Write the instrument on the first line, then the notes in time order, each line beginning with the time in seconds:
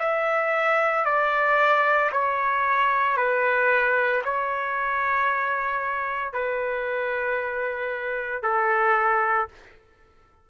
trumpet
0.00 E5
1.05 D5
2.12 C#5
3.18 B4
4.25 C#5
6.33 B4
8.43 A4